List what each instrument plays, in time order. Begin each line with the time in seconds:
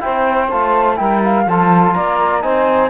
0.00 trombone E4, saxophone C5, flute G5
0.07 cello C4
0.50 cello A3, trombone F4, flute A5
0.96 cello G3, trombone E4, saxophone A#4, flute G5
1.25 flute F5
1.46 cello F3, trombone F4, saxophone A4, flute A5
1.94 cello A#3, saxophone D5, flute A#5
2.42 cello C4, trombone D#4, saxophone C5, flute G#5